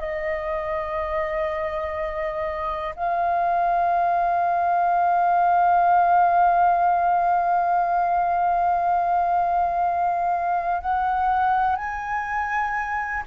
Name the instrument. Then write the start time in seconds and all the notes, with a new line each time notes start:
flute
0.00 D#5
2.96 F5
10.81 F#5
11.76 G#5